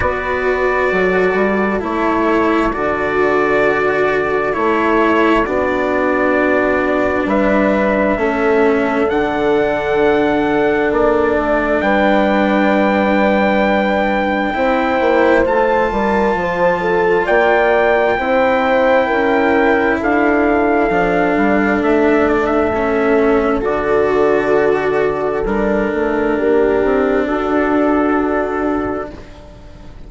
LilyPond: <<
  \new Staff \with { instrumentName = "trumpet" } { \time 4/4 \tempo 4 = 66 d''2 cis''4 d''4~ | d''4 cis''4 d''2 | e''2 fis''2 | d''4 g''2.~ |
g''4 a''2 g''4~ | g''2 f''2 | e''8 d''16 e''4~ e''16 d''2 | ais'2 a'2 | }
  \new Staff \with { instrumentName = "horn" } { \time 4/4 b'4 a'2.~ | a'2 fis'2 | b'4 a'2.~ | a'4 b'2. |
c''4. ais'8 c''8 a'8 d''4 | c''4 ais'4 a'2~ | a'1~ | a'4 g'4 fis'2 | }
  \new Staff \with { instrumentName = "cello" } { \time 4/4 fis'2 e'4 fis'4~ | fis'4 e'4 d'2~ | d'4 cis'4 d'2~ | d'1 |
e'4 f'2. | e'2. d'4~ | d'4 cis'4 fis'2 | d'1 | }
  \new Staff \with { instrumentName = "bassoon" } { \time 4/4 b4 fis8 g8 a4 d4~ | d4 a4 b2 | g4 a4 d2 | ais8 a8 g2. |
c'8 ais8 a8 g8 f4 ais4 | c'4 cis'4 d'4 f8 g8 | a2 d2 | g8 a8 ais8 c'8 d'2 | }
>>